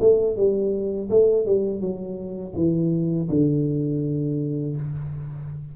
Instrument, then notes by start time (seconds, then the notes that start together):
tuba
0.00 A3
0.36 G3
1.10 A3
1.45 G3
1.80 F#3
2.55 E3
3.29 D3